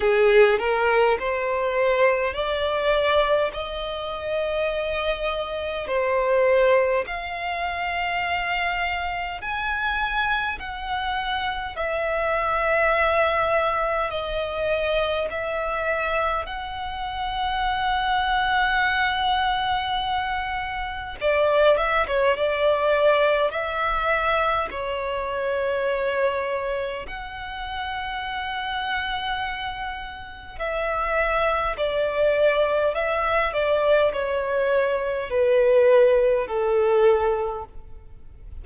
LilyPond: \new Staff \with { instrumentName = "violin" } { \time 4/4 \tempo 4 = 51 gis'8 ais'8 c''4 d''4 dis''4~ | dis''4 c''4 f''2 | gis''4 fis''4 e''2 | dis''4 e''4 fis''2~ |
fis''2 d''8 e''16 cis''16 d''4 | e''4 cis''2 fis''4~ | fis''2 e''4 d''4 | e''8 d''8 cis''4 b'4 a'4 | }